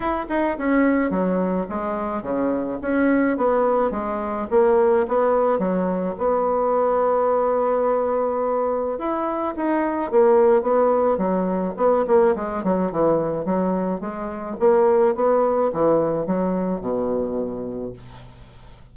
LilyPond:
\new Staff \with { instrumentName = "bassoon" } { \time 4/4 \tempo 4 = 107 e'8 dis'8 cis'4 fis4 gis4 | cis4 cis'4 b4 gis4 | ais4 b4 fis4 b4~ | b1 |
e'4 dis'4 ais4 b4 | fis4 b8 ais8 gis8 fis8 e4 | fis4 gis4 ais4 b4 | e4 fis4 b,2 | }